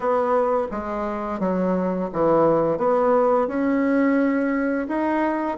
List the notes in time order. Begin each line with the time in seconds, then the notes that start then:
0.00 B3
0.71 G#3
1.40 F#3
2.12 E3
2.77 B3
3.47 C#4
4.87 D#4